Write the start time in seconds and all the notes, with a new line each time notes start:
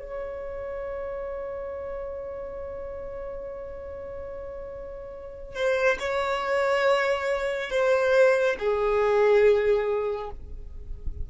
0.00 C#5
5.55 C5
6.00 C#5
7.71 C5
8.59 G#4